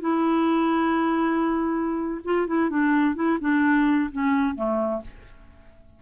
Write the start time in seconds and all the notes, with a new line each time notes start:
0.00 E4
2.24 F4
2.47 E4
2.69 D4
3.15 E4
3.40 D4
4.11 C#4
4.55 A3